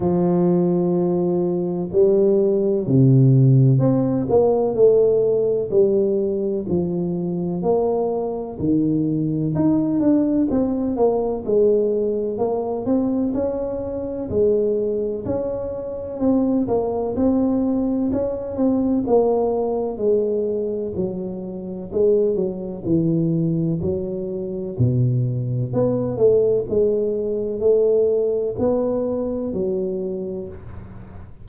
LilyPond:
\new Staff \with { instrumentName = "tuba" } { \time 4/4 \tempo 4 = 63 f2 g4 c4 | c'8 ais8 a4 g4 f4 | ais4 dis4 dis'8 d'8 c'8 ais8 | gis4 ais8 c'8 cis'4 gis4 |
cis'4 c'8 ais8 c'4 cis'8 c'8 | ais4 gis4 fis4 gis8 fis8 | e4 fis4 b,4 b8 a8 | gis4 a4 b4 fis4 | }